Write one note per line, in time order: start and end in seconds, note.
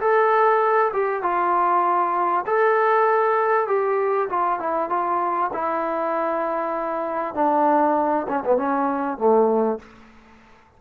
0.00 0.92 A4
0.93 1.22 G4
1.22 2.45 F4
2.46 3.67 A4
3.67 4.29 G4
4.29 4.59 F4
4.59 4.89 E4
4.89 5.50 F4
5.53 7.34 E4
7.34 8.26 D4
8.28 8.43 C#4
8.45 8.57 B3
8.57 9.18 C#4
9.18 9.79 A3